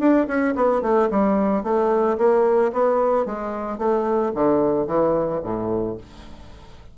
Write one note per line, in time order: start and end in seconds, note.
0.00 0.27 D4
0.28 0.55 C#4
0.56 0.82 B3
0.82 1.09 A3
1.11 1.64 G3
1.64 2.18 A3
2.18 2.72 A#3
2.73 3.26 B3
3.26 3.78 G#3
3.78 4.32 A3
4.35 4.87 D3
4.87 5.42 E3
5.44 5.98 A2